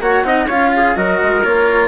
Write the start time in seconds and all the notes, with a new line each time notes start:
0.00 A#3 F#4 C#5 F#5
0.23 C4 D#4 D#5
0.46 C#4 F4 C#5 F5
0.76 G#4
0.95 F#3 F#4 A#4 D#5
1.22 G#3
1.43 A#3 F4 C#5